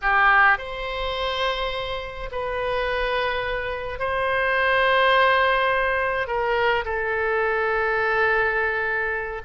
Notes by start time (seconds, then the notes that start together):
0.01 G4
0.58 C5
2.31 B4
3.99 C5
6.27 A#4
6.84 A4